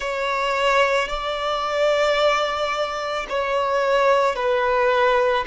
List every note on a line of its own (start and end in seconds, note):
0.00 1.08 C#5
1.08 3.26 D5
3.29 4.35 C#5
4.35 5.44 B4